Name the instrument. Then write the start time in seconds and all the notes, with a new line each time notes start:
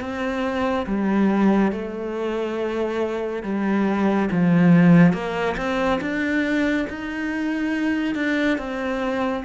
cello
0.00 C4
0.86 G3
1.72 A3
3.43 G3
4.31 F3
5.13 A#3
5.57 C4
6.01 D4
6.89 D#4
8.15 D4
8.58 C4